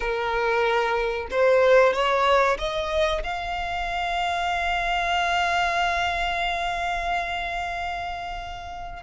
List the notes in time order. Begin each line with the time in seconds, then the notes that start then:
0.00 A#4
1.30 C5
1.93 C#5
2.58 D#5
3.23 F5